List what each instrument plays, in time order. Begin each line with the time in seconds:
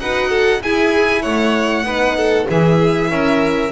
0.00 double bass D#4, horn F#4, violin B4 F#5
0.29 violin A4
0.61 horn E4, double bass E4, violin G#4 G#5
1.22 double bass A3, violin C#5 F#5
1.84 double bass B3, horn D#4, violin B4
2.17 violin A4
2.47 double bass E3, horn E4, violin G#4 E5
3.10 double bass C#4, violin A#4